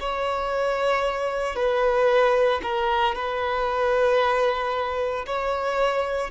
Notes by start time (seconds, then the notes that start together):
0.00 C#5
1.56 B4
2.63 A#4
3.15 B4
5.26 C#5